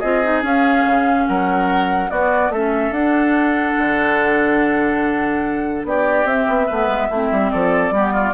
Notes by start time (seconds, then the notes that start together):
0.00 C4 F4 G#4 D#5
0.24 D#4
0.43 C#4 F5
0.86 C#3
1.27 F#3 A#4 F#5
2.10 B3 F#4 D5
2.50 A3 C#4 A4 E5
2.91 D4 F#5
3.79 D3
5.85 B3 G4 D5
6.25 C4 E5
6.48 B3
6.67 A3 B3 B4
6.88 G#3
7.10 A3 C4 E4
7.32 G3
7.51 F3 A4 D5
7.91 G3 B3 G4
8.13 F4